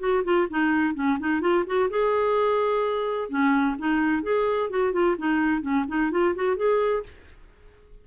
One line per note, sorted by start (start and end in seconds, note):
0.00 0.23 F#4
0.25 0.48 F4
0.50 0.95 D#4
0.95 1.18 C#4
1.20 1.41 D#4
1.41 1.65 F4
1.67 1.90 F#4
1.90 3.29 G#4
3.29 3.76 C#4
3.79 4.23 D#4
4.23 4.70 G#4
4.70 4.93 F#4
4.93 5.16 F4
5.19 5.62 D#4
5.62 5.85 C#4
5.88 6.12 D#4
6.12 6.35 F4
6.36 6.57 F#4
6.57 7.04 G#4